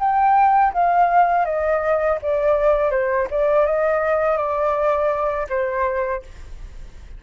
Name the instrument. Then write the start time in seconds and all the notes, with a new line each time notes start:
flute
0.00 G5
0.74 F5
1.46 D#5
2.22 D5
2.91 C5
3.31 D5
3.66 D#5
4.38 D5
5.49 C5